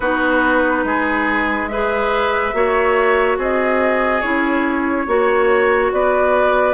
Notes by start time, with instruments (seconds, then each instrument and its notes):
0.00 bassoon B3, clarinet D#4, oboe F#4, flute B4
0.83 bassoon G#3, oboe G#4
1.67 clarinet G#4, oboe B4, flute E5
2.52 bassoon A#3, clarinet F#4, oboe C#5
3.37 bassoon C4, oboe G#4, flute D#5
4.21 bassoon C#4, clarinet E4, flute C#5
5.06 bassoon A#3, clarinet F#4, oboe C#5
5.91 bassoon B3, oboe B4, flute D5